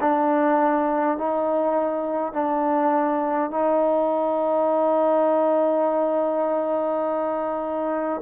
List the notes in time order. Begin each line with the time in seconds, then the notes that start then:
0.00 D4
1.18 D#4
2.33 D4
3.50 D#4